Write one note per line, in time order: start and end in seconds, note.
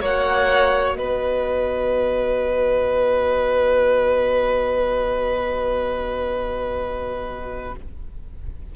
0.00 0.96 A#3
0.00 7.74 F#4
0.00 0.97 C#5
0.00 0.94 F#5
0.94 7.73 B3
0.94 7.75 B4
0.94 7.71 D#5